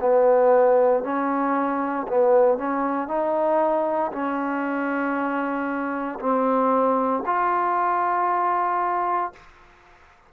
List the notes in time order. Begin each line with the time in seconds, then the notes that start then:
0.00 B3
1.03 C#4
2.08 B3
2.58 C#4
3.08 D#4
4.12 C#4
6.20 C4
7.26 F4